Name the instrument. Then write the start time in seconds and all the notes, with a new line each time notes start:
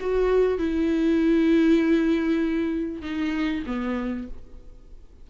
viola
0.00 F#4
0.58 E4
3.02 D#4
3.66 B3